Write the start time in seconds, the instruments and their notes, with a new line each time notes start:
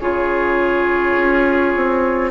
0.00 bassoon C#3, clarinet F4, oboe G#4, flute C#5
1.17 bassoon C#4
1.76 bassoon C4